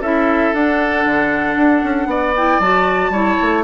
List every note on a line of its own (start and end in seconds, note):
0.00 0.52 C#4
0.00 0.54 E4
0.00 2.07 A4
0.00 0.54 E5
0.53 1.04 D4
0.53 2.35 D4
0.53 2.35 F#5
1.04 1.56 D3
1.56 1.82 D4
1.83 2.06 C#4
2.06 2.57 B3
2.06 3.12 D5
2.36 2.61 E4
2.36 2.59 G5
2.59 3.10 F#3
2.59 3.13 F#4
2.59 3.63 A5
3.10 3.35 G3
3.10 3.64 E4
3.10 3.63 C#5
3.41 3.64 A3